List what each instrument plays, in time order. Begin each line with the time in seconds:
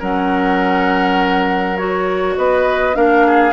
0.00 bassoon F#3, clarinet C#4, oboe A#4, flute F#5
1.77 clarinet F#4, flute C#5
2.37 bassoon B3, oboe B4, flute D#5
2.94 bassoon A#3, clarinet D4, oboe A#4, flute F5
3.27 oboe G#4